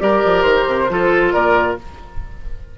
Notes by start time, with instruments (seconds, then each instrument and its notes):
0.00 bassoon G3, clarinet G4, oboe A#4, flute D5
0.25 bassoon F3
0.42 bassoon D#3, flute C5
0.67 bassoon C3
0.90 bassoon F3, clarinet F4, oboe A4
1.32 bassoon A#2, oboe A#4, flute D5